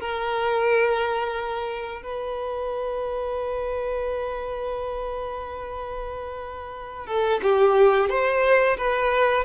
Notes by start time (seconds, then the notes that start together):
0.00 A#4
2.02 B4
7.06 A4
7.42 G4
8.09 C5
8.77 B4